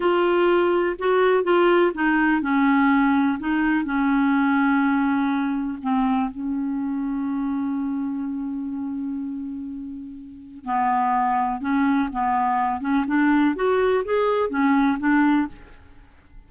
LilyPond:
\new Staff \with { instrumentName = "clarinet" } { \time 4/4 \tempo 4 = 124 f'2 fis'4 f'4 | dis'4 cis'2 dis'4 | cis'1 | c'4 cis'2.~ |
cis'1~ | cis'2 b2 | cis'4 b4. cis'8 d'4 | fis'4 gis'4 cis'4 d'4 | }